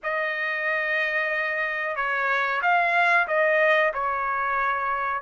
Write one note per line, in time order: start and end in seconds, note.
0.03 1.96 D#5
1.96 2.61 C#5
2.61 3.27 F5
3.27 3.92 D#5
3.93 5.22 C#5